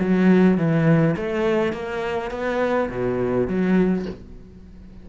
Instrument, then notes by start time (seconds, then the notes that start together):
cello
0.00 F#3
0.57 E3
1.17 A3
1.73 A#3
2.31 B3
2.89 B2
3.47 F#3